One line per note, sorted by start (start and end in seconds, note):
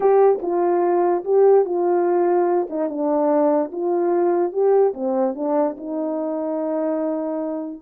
0.00 0.39 G4
0.41 1.24 F4
1.24 1.65 G4
1.65 2.67 F4
2.69 2.89 D#4
2.89 3.71 D4
3.72 4.52 F4
4.52 4.93 G4
4.94 5.35 C4
5.35 5.76 D4
5.77 7.81 D#4